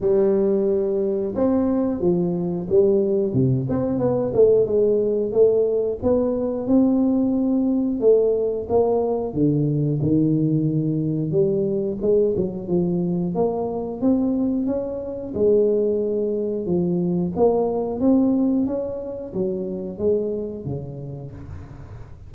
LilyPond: \new Staff \with { instrumentName = "tuba" } { \time 4/4 \tempo 4 = 90 g2 c'4 f4 | g4 c8 c'8 b8 a8 gis4 | a4 b4 c'2 | a4 ais4 d4 dis4~ |
dis4 g4 gis8 fis8 f4 | ais4 c'4 cis'4 gis4~ | gis4 f4 ais4 c'4 | cis'4 fis4 gis4 cis4 | }